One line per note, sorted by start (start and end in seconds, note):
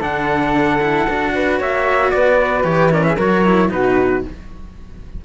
0.00 1.07 D3
0.00 0.80 D4
0.00 1.32 A4
0.00 1.61 F#5
0.82 1.08 E4
1.08 1.60 D4
1.08 2.64 F#4
1.35 1.59 B4
1.59 2.13 A#3
1.59 2.12 C#5
1.59 2.11 E5
2.11 2.64 B3
2.11 2.93 B4
2.11 2.64 D5
2.64 3.17 E3
2.64 2.91 G4
2.64 2.90 C#5
2.91 3.18 C#4
2.91 3.06 A#4
2.91 3.04 D5
3.04 3.17 G#4
3.04 3.17 E5
3.17 3.71 F#3
3.17 3.45 F#4
3.17 3.69 A#4
3.17 3.72 C#5
3.45 3.69 E4
3.69 4.25 B2
3.69 4.22 D#4
3.69 4.25 F#4
3.69 4.25 B4